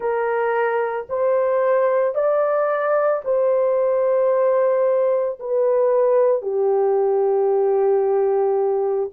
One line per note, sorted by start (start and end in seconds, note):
0.00 1.06 A#4
1.09 2.14 C5
2.14 3.21 D5
3.24 5.39 C5
5.39 6.42 B4
6.42 9.10 G4